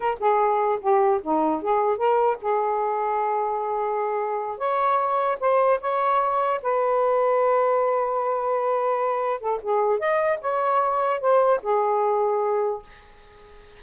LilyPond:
\new Staff \with { instrumentName = "saxophone" } { \time 4/4 \tempo 4 = 150 ais'8 gis'4. g'4 dis'4 | gis'4 ais'4 gis'2~ | gis'2.~ gis'8 cis''8~ | cis''4. c''4 cis''4.~ |
cis''8 b'2.~ b'8~ | b'2.~ b'8 a'8 | gis'4 dis''4 cis''2 | c''4 gis'2. | }